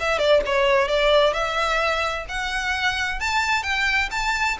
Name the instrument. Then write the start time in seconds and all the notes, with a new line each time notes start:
violin
0.00 E5
0.19 D5
0.46 C#5
0.88 D5
1.34 E5
2.29 F#5
3.20 A5
3.63 G5
4.11 A5